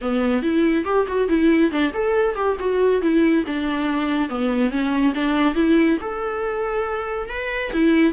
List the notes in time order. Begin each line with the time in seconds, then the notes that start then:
0.01 B3
0.42 E4
0.84 G4
1.07 F#4
1.28 E4
1.71 D4
1.93 A4
2.35 G4
2.59 F#4
3.01 E4
3.46 D4
4.29 B3
4.70 C#4
5.14 D4
5.55 E4
6.00 A4
7.29 B4
7.73 E4